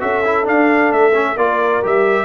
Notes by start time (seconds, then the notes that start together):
0.00 C#4 F#4 A4 E5
0.24 E4
0.44 D4 F5
0.92 A3 E5
1.13 C#4
1.35 A#3 F4 A#4 D5
1.82 G3 G4 E5